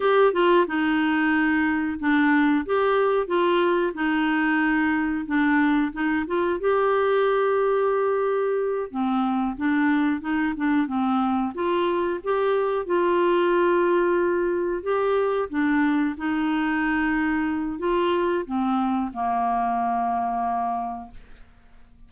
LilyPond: \new Staff \with { instrumentName = "clarinet" } { \time 4/4 \tempo 4 = 91 g'8 f'8 dis'2 d'4 | g'4 f'4 dis'2 | d'4 dis'8 f'8 g'2~ | g'4. c'4 d'4 dis'8 |
d'8 c'4 f'4 g'4 f'8~ | f'2~ f'8 g'4 d'8~ | d'8 dis'2~ dis'8 f'4 | c'4 ais2. | }